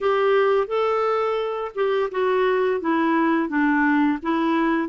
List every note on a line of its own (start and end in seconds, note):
0.00 0.67 G4
0.67 1.71 A4
1.74 2.09 G4
2.11 2.80 F#4
2.81 3.49 E4
3.49 4.18 D4
4.22 4.88 E4